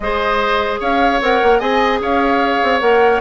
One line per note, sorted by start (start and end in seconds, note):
0.00 0.79 G#3
0.00 1.22 G#4
0.00 0.80 C5
0.00 0.79 D#5
0.80 1.20 C#4
0.80 1.58 C#5
0.80 1.21 F5
1.21 1.41 C4
1.21 1.60 A#4
1.21 1.59 F#5
1.42 1.60 A#3
1.58 2.00 C4
1.58 2.80 G#4
1.58 1.99 D#5
1.58 2.00 G#5
2.00 2.61 C#4
2.00 3.21 C#5
2.00 2.80 F5
2.63 2.81 C4
2.80 3.21 A#3
2.80 3.21 A#4
2.80 3.20 F#5